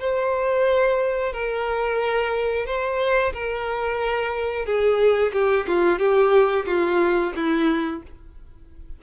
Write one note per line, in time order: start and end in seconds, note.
0.00 1.33 C5
1.33 2.66 A#4
2.66 3.33 C5
3.33 4.66 A#4
4.66 5.32 G#4
5.33 5.67 G4
5.68 5.99 F4
5.99 6.66 G4
6.66 7.33 F4
7.36 8.03 E4